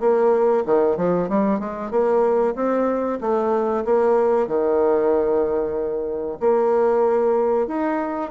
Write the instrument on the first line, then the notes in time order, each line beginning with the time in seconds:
bassoon
0.00 A#3
0.65 D#3
0.97 F3
1.29 G3
1.59 G#3
1.91 A#3
2.55 C4
3.21 A3
3.85 A#3
4.47 D#3
6.40 A#3
7.67 D#4